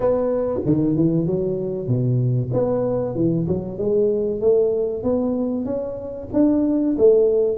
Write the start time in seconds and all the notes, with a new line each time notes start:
0.00 B3
0.65 D#3
0.96 E3
1.26 F#3
1.87 B2
2.53 B3
3.15 E3
3.47 F#3
3.78 G#3
4.40 A3
5.03 B3
5.65 C#4
6.33 D4
6.98 A3